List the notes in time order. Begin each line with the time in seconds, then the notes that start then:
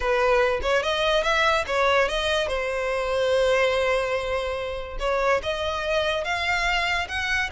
0.00 B4
0.62 C#5
0.82 D#5
1.23 E5
1.66 C#5
2.08 D#5
2.47 C5
4.99 C#5
5.42 D#5
6.24 F5
7.08 F#5